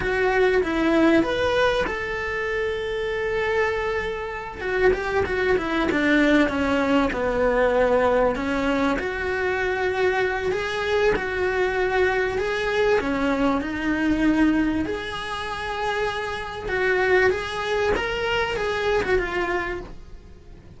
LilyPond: \new Staff \with { instrumentName = "cello" } { \time 4/4 \tempo 4 = 97 fis'4 e'4 b'4 a'4~ | a'2.~ a'8 fis'8 | g'8 fis'8 e'8 d'4 cis'4 b8~ | b4. cis'4 fis'4.~ |
fis'4 gis'4 fis'2 | gis'4 cis'4 dis'2 | gis'2. fis'4 | gis'4 ais'4 gis'8. fis'16 f'4 | }